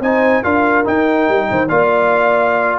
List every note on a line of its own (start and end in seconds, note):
0.00 0.41 C4
0.00 0.44 D#4
0.00 0.43 C5
0.00 0.43 G#5
0.43 0.86 D4
0.43 0.85 F4
0.43 1.47 A#4
0.43 0.85 F5
0.85 1.67 D#4
0.85 1.28 D#4
0.85 1.68 G5
1.28 1.49 G3
1.50 1.69 D#3
1.50 1.69 C5
1.68 2.79 A#3
1.68 2.79 F4
1.68 2.79 D5
1.68 2.79 F5